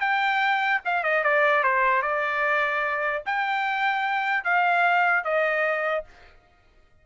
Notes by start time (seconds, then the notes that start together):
0.00 G5
0.85 F5
1.03 D#5
1.23 D5
1.63 C5
2.02 D5
3.25 G5
4.44 F5
5.24 D#5